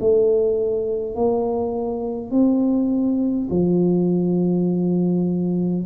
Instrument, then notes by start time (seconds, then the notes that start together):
tuba
0.00 A3
1.16 A#3
2.31 C4
3.50 F3